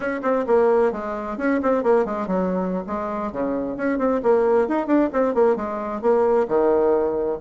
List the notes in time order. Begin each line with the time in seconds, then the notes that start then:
0.00 C#4
0.22 C4
0.46 A#3
0.92 G#3
1.37 C#4
1.62 C4
1.83 A#3
2.05 G#3
2.27 F#3
2.86 G#3
3.32 C#3
3.76 C#4
3.98 C4
4.23 A#3
4.68 D#4
4.86 D4
5.12 C4
5.34 A#3
5.56 G#3
6.01 A#3
6.48 D#3